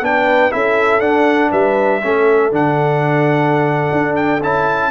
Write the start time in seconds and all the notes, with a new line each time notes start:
0.00 B3 D4 B4 G5
0.50 C#4 E4 A4 E5
0.99 D4 F#5
1.50 G3 B4 E5
2.02 A3 C#4 A4
2.51 D3 D4 F#5
3.91 D4
4.15 G5
4.43 C#4 E4 A5